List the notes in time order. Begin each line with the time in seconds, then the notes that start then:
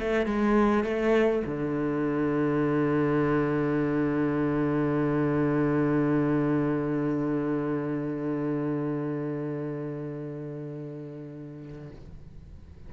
0.00 A3
0.26 G#3
0.84 A3
1.46 D3